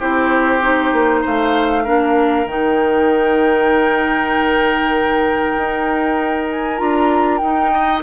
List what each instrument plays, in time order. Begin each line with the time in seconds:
0.00 bassoon C4, clarinet E4, oboe G4, flute C5
0.61 clarinet D#4
0.93 bassoon A#3
1.22 bassoon A3, oboe C5, flute F5
1.85 bassoon A#3, clarinet D4, oboe A#4
2.46 bassoon D#3, clarinet D#4, flute G5
5.58 bassoon D#4
6.50 flute G#5
6.78 bassoon D4, clarinet F4, flute A#5
7.38 bassoon D#4, clarinet D#4, flute G5
7.74 oboe D#5